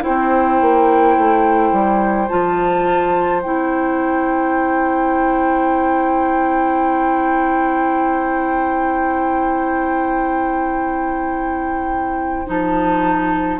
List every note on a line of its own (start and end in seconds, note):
0.00 2.26 E4
0.00 13.60 C5
0.00 2.28 G5
0.07 0.61 C4
0.61 1.17 A#3
1.17 1.72 A3
1.72 2.29 G3
2.28 3.45 F3
2.28 3.42 F4
2.28 3.41 A5
3.42 12.48 C4
3.42 12.46 E4
3.42 12.47 G5
12.46 13.60 F3
12.46 13.59 D#4
12.46 13.60 A5